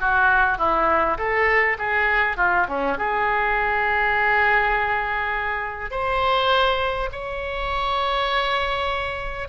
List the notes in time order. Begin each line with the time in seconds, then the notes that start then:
0.00 F#4
0.58 E4
1.18 A4
1.79 G#4
2.37 F4
2.68 C#4
2.98 G#4
5.91 C5
7.12 C#5